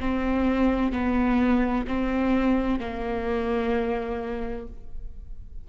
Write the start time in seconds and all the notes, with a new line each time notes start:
0.00 C4
0.92 B3
1.87 C4
2.80 A#3